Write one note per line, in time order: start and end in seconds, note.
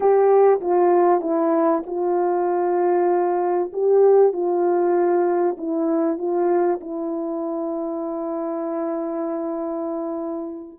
0.00 0.60 G4
0.60 1.20 F4
1.20 1.82 E4
1.86 3.72 F4
3.72 4.32 G4
4.32 5.56 F4
5.57 6.17 E4
6.17 6.79 F4
6.80 10.79 E4